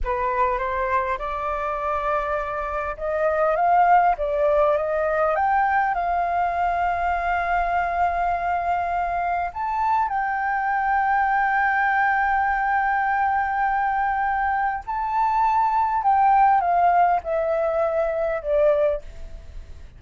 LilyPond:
\new Staff \with { instrumentName = "flute" } { \time 4/4 \tempo 4 = 101 b'4 c''4 d''2~ | d''4 dis''4 f''4 d''4 | dis''4 g''4 f''2~ | f''1 |
a''4 g''2.~ | g''1~ | g''4 a''2 g''4 | f''4 e''2 d''4 | }